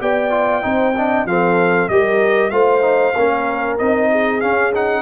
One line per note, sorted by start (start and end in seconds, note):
0.00 0.64 B3
0.00 0.30 G4
0.00 0.64 D5
0.00 1.27 G5
0.30 0.62 F4
0.62 1.25 C4
0.62 0.93 D#4
0.62 0.96 C5
0.96 1.27 D4
0.96 1.27 D#5
1.25 1.89 F3
1.25 1.91 C4
1.25 1.91 A4
1.25 1.88 F5
1.88 2.51 G3
1.88 2.51 G4
1.88 2.52 A#4
1.88 2.50 D#5
2.50 3.14 A3
2.50 2.81 F4
2.50 3.15 C5
2.50 3.76 F5
2.81 3.13 D#4
3.15 3.79 A#3
3.15 3.79 C#4
3.15 4.10 A#4
3.78 4.42 C4
3.78 4.41 D#4
3.78 4.41 D#5
4.11 5.02 G#4
4.41 4.73 C#4
4.41 5.02 C#4
4.41 4.72 F5
4.74 5.02 D#4
4.74 5.02 F#5